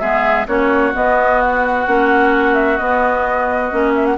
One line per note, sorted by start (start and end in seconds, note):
0.00 0.46 G#3
0.00 0.46 B3
0.00 0.47 G#4
0.00 0.46 E5
0.47 0.93 A#3
0.47 0.93 C#4
0.47 4.16 F#4
0.47 0.93 C#5
0.93 1.85 B3
0.93 1.87 B3
0.93 1.41 D#5
1.41 2.54 F#5
1.87 2.79 A#3
1.87 2.79 C#4
2.54 2.77 E5
2.77 3.72 B3
2.77 3.71 B3
2.77 3.92 D#5
3.71 4.17 A#3
3.71 4.17 C#4
3.95 4.05 E5
4.05 4.17 F#5